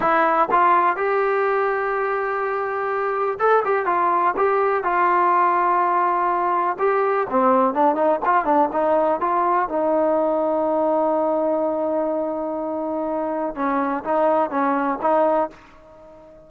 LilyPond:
\new Staff \with { instrumentName = "trombone" } { \time 4/4 \tempo 4 = 124 e'4 f'4 g'2~ | g'2. a'8 g'8 | f'4 g'4 f'2~ | f'2 g'4 c'4 |
d'8 dis'8 f'8 d'8 dis'4 f'4 | dis'1~ | dis'1 | cis'4 dis'4 cis'4 dis'4 | }